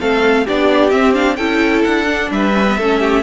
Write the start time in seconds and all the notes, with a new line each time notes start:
0.00 A3 C4 A4 F5
0.45 B3 D4 G4 D5
0.90 C4 E5
1.14 D4 F5
1.36 C#4 E4 A4 G5
1.84 D4 F#5
2.06 D4
2.31 G3 B4 E5
2.54 C#4
2.68 B3
2.78 A3 C#4 A4
2.99 G4